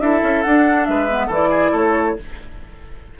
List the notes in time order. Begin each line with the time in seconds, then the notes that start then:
0.00 D4 E4 A4 E5
0.23 C#4
0.43 D4 F#5
0.85 G#3 B4 E5
1.10 B3
1.27 E3 E4 A4
1.33 D5
1.50 G#4
1.72 A3 A4 C#5